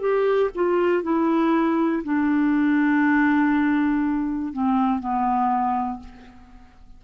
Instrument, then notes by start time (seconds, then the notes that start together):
clarinet
0.00 G4
0.55 F4
1.02 E4
2.04 D4
4.52 C4
5.00 B3